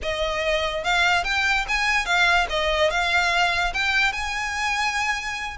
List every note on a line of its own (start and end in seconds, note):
0.02 0.84 D#5
0.84 1.24 F5
1.24 1.65 G5
1.68 2.05 G#5
2.05 2.47 F5
2.49 2.90 D#5
2.90 3.73 F5
3.73 4.12 G5
4.12 5.57 G#5